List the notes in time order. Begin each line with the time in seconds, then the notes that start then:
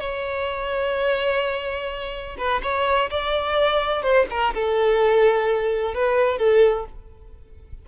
0.00 C#5
2.38 B4
2.63 C#5
3.11 D5
4.02 C5
4.31 A#4
4.54 A4
5.94 B4
6.38 A4